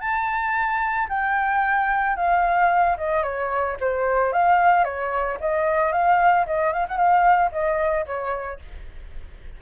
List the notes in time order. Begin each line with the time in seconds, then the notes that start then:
0.00 A5
1.09 G5
2.16 F5
2.97 D#5
3.23 C#5
3.80 C5
4.33 F5
4.84 C#5
5.40 D#5
5.92 F5
6.46 D#5
6.73 F5
6.88 F#5
6.97 F5
7.51 D#5
8.06 C#5